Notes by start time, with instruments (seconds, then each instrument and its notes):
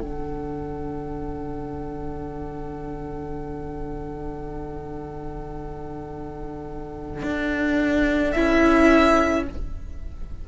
0.00 cello D3, viola D4, violin A4 F#5
7.23 cello D4
8.32 cello C#4, viola E4, violin E5